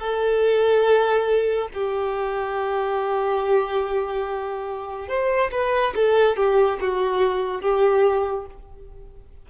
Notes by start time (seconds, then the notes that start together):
0.00 A4
1.74 G4
5.09 C5
5.52 B4
5.96 A4
6.37 G4
6.81 F#4
7.62 G4